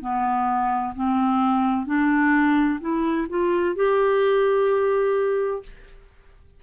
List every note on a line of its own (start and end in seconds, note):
0.00 0.94 B3
0.95 1.85 C4
1.85 2.79 D4
2.80 3.27 E4
3.29 3.75 F4
3.75 5.62 G4